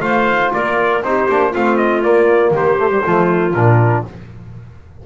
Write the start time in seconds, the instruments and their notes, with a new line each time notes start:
0.00 double bass A3, trombone F4, clarinet C5, trumpet F5
0.53 double bass A#3, clarinet A#4, trumpet D5
1.02 double bass C4, trombone D#4, clarinet G4, trumpet C5
1.29 double bass A#3, trombone D4
1.51 double bass A3, trombone C4, clarinet F4, trumpet F5
1.77 trumpet D#5
2.03 trombone A#3, double bass A#3, trumpet D5
2.51 double bass D#3, clarinet G4, trumpet C5
2.78 trombone A3
2.90 trombone G3
3.04 double bass F3, trombone A3, clarinet F4
3.54 double bass A#2, trombone D4, trumpet A#4